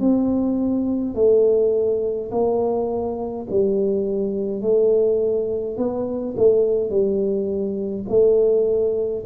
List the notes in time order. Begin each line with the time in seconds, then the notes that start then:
0.00 C4
1.15 A3
2.31 A#3
3.50 G3
4.62 A3
5.77 B3
6.37 A3
6.90 G3
8.09 A3